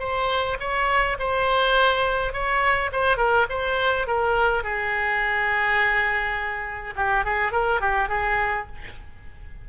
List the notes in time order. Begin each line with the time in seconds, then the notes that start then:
0.00 C5
0.60 C#5
1.20 C5
2.33 C#5
2.93 C5
3.18 A#4
3.50 C5
4.08 A#4
4.64 G#4
6.96 G4
7.25 G#4
7.52 A#4
7.81 G4
8.09 G#4